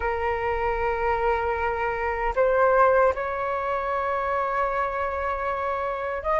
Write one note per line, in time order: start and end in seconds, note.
0.00 2.33 A#4
2.35 3.13 C5
3.15 6.23 C#5
6.23 6.39 D#5